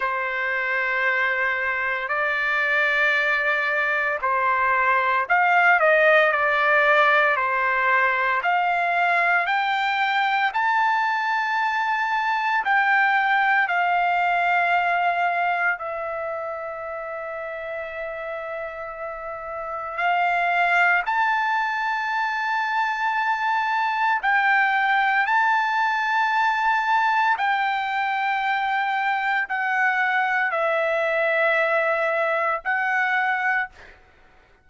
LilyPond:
\new Staff \with { instrumentName = "trumpet" } { \time 4/4 \tempo 4 = 57 c''2 d''2 | c''4 f''8 dis''8 d''4 c''4 | f''4 g''4 a''2 | g''4 f''2 e''4~ |
e''2. f''4 | a''2. g''4 | a''2 g''2 | fis''4 e''2 fis''4 | }